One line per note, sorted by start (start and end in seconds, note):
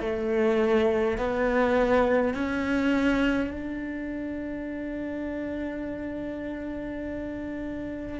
0.00 1.18 A3
1.18 2.34 B3
2.34 3.51 C#4
3.51 8.20 D4